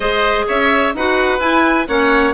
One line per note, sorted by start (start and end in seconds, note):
0.00 0.44 G#3
0.00 0.94 G#4
0.00 0.45 C5
0.00 0.47 D#5
0.47 0.94 C#4
0.47 0.94 C#5
0.47 0.95 E5
0.94 1.39 D#4
0.94 1.38 F#4
0.94 1.88 B4
0.94 1.40 F#5
1.38 1.85 E4
1.38 1.87 G#5
1.87 2.33 A#3
1.87 2.33 C#4
1.87 2.33 C#5
1.87 2.33 F#5